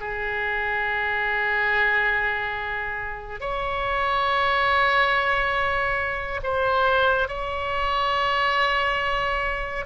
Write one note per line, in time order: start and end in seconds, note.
0.00 3.41 G#4
3.41 6.41 C#5
6.43 7.28 C5
7.28 9.85 C#5